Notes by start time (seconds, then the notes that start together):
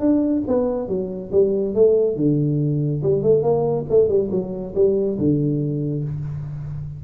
0.00 D4
0.48 B3
0.88 F#3
1.32 G3
1.75 A3
2.17 D3
3.03 G3
3.23 A3
3.43 A#3
3.90 A3
4.09 G3
4.32 F#3
4.75 G3
5.19 D3